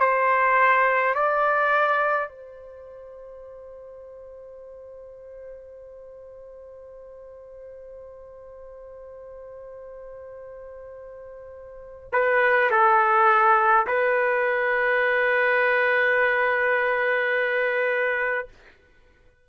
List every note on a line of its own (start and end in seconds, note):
0.00 1.14 C5
1.14 2.29 D5
2.29 12.09 C5
12.13 12.70 B4
12.71 13.86 A4
13.87 18.48 B4